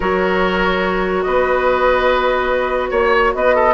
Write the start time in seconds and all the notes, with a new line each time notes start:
0.00 F#3 F#4 A#4 C#5
1.22 B3 B4 D#5
2.90 A#3 C#5
3.34 B3 B4 D#5
3.55 A4